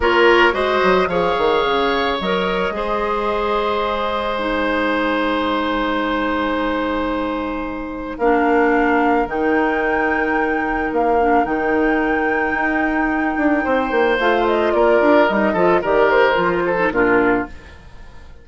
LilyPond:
<<
  \new Staff \with { instrumentName = "flute" } { \time 4/4 \tempo 4 = 110 cis''4 dis''4 f''2 | dis''1 | gis''1~ | gis''2. f''4~ |
f''4 g''2. | f''4 g''2.~ | g''2 f''8 dis''8 d''4 | dis''4 d''8 c''4. ais'4 | }
  \new Staff \with { instrumentName = "oboe" } { \time 4/4 ais'4 c''4 cis''2~ | cis''4 c''2.~ | c''1~ | c''2. ais'4~ |
ais'1~ | ais'1~ | ais'4 c''2 ais'4~ | ais'8 a'8 ais'4. a'8 f'4 | }
  \new Staff \with { instrumentName = "clarinet" } { \time 4/4 f'4 fis'4 gis'2 | ais'4 gis'2. | dis'1~ | dis'2. d'4~ |
d'4 dis'2.~ | dis'8 d'8 dis'2.~ | dis'2 f'2 | dis'8 f'8 g'4 f'8. dis'16 d'4 | }
  \new Staff \with { instrumentName = "bassoon" } { \time 4/4 ais4 gis8 fis8 f8 dis8 cis4 | fis4 gis2.~ | gis1~ | gis2. ais4~ |
ais4 dis2. | ais4 dis2 dis'4~ | dis'8 d'8 c'8 ais8 a4 ais8 d'8 | g8 f8 dis4 f4 ais,4 | }
>>